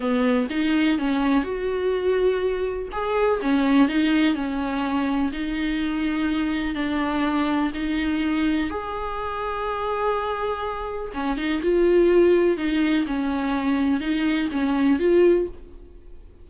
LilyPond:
\new Staff \with { instrumentName = "viola" } { \time 4/4 \tempo 4 = 124 b4 dis'4 cis'4 fis'4~ | fis'2 gis'4 cis'4 | dis'4 cis'2 dis'4~ | dis'2 d'2 |
dis'2 gis'2~ | gis'2. cis'8 dis'8 | f'2 dis'4 cis'4~ | cis'4 dis'4 cis'4 f'4 | }